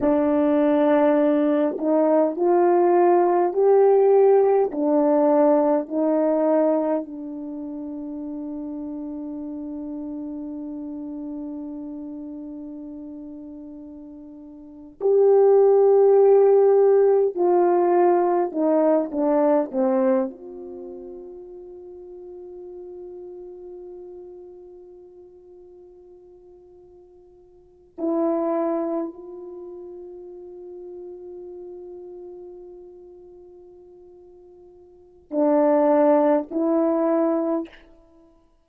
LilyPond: \new Staff \with { instrumentName = "horn" } { \time 4/4 \tempo 4 = 51 d'4. dis'8 f'4 g'4 | d'4 dis'4 d'2~ | d'1~ | d'8. g'2 f'4 dis'16~ |
dis'16 d'8 c'8 f'2~ f'8.~ | f'2.~ f'8. e'16~ | e'8. f'2.~ f'16~ | f'2 d'4 e'4 | }